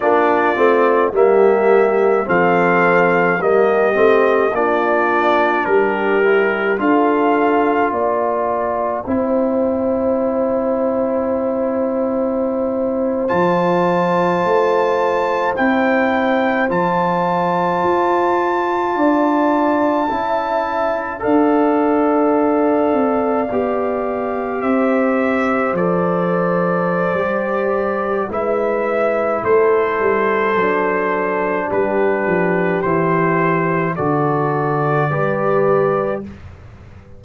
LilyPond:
<<
  \new Staff \with { instrumentName = "trumpet" } { \time 4/4 \tempo 4 = 53 d''4 e''4 f''4 dis''4 | d''4 ais'4 f''4 g''4~ | g''2.~ g''8. a''16~ | a''4.~ a''16 g''4 a''4~ a''16~ |
a''2~ a''8. f''4~ f''16~ | f''4.~ f''16 e''4 d''4~ d''16~ | d''4 e''4 c''2 | b'4 c''4 d''2 | }
  \new Staff \with { instrumentName = "horn" } { \time 4/4 f'4 g'4 a'4 g'4 | f'4 g'4 a'4 d''4 | c''1~ | c''1~ |
c''8. d''4 e''4 d''4~ d''16~ | d''4.~ d''16 c''2~ c''16~ | c''4 b'4 a'2 | g'2 a'4 b'4 | }
  \new Staff \with { instrumentName = "trombone" } { \time 4/4 d'8 c'8 ais4 c'4 ais8 c'8 | d'4. e'8 f'2 | e'2.~ e'8. f'16~ | f'4.~ f'16 e'4 f'4~ f'16~ |
f'4.~ f'16 e'4 a'4~ a'16~ | a'8. g'2 a'4~ a'16 | g'4 e'2 d'4~ | d'4 e'4 fis'4 g'4 | }
  \new Staff \with { instrumentName = "tuba" } { \time 4/4 ais8 a8 g4 f4 g8 a8 | ais4 g4 d'4 ais4 | c'2.~ c'8. f16~ | f8. a4 c'4 f4 f'16~ |
f'8. d'4 cis'4 d'4~ d'16~ | d'16 c'8 b4 c'4 f4~ f16 | g4 gis4 a8 g8 fis4 | g8 f8 e4 d4 g4 | }
>>